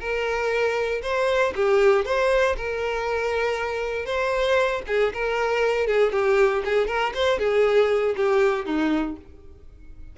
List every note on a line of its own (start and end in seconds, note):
0.00 1.02 A#4
1.03 1.53 C5
1.56 2.05 G4
2.05 2.56 C5
2.57 4.06 A#4
4.06 4.82 C5
4.87 5.13 G#4
5.14 5.87 A#4
5.87 6.12 G#4
6.12 6.63 G4
6.65 6.87 G#4
6.87 7.13 A#4
7.14 7.39 C5
7.39 8.15 G#4
8.16 8.66 G4
8.66 9.17 D#4